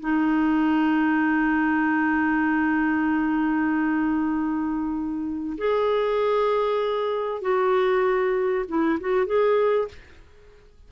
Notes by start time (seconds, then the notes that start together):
0.00 D#4
5.58 G#4
7.41 F#4
8.68 E4
9.00 F#4
9.26 G#4